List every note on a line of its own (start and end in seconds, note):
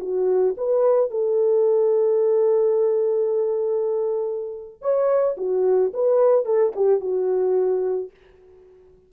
0.00 0.55 F#4
0.57 1.10 B4
1.10 4.81 A4
4.81 5.36 C#5
5.37 5.92 F#4
5.93 6.45 B4
6.45 6.73 A4
6.75 7.00 G4
7.00 8.10 F#4